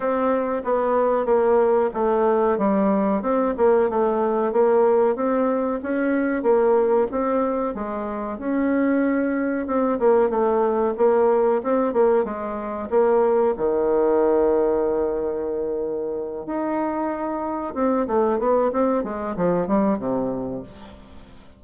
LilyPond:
\new Staff \with { instrumentName = "bassoon" } { \time 4/4 \tempo 4 = 93 c'4 b4 ais4 a4 | g4 c'8 ais8 a4 ais4 | c'4 cis'4 ais4 c'4 | gis4 cis'2 c'8 ais8 |
a4 ais4 c'8 ais8 gis4 | ais4 dis2.~ | dis4. dis'2 c'8 | a8 b8 c'8 gis8 f8 g8 c4 | }